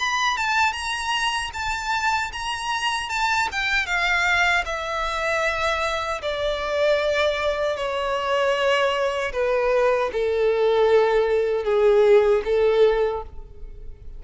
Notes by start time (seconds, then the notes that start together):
0.00 B5
0.38 A5
0.73 A#5
1.54 A5
2.33 A#5
3.10 A5
3.52 G5
3.87 F5
4.66 E5
6.22 D5
7.77 C#5
9.33 B4
10.13 A4
11.65 G#4
12.45 A4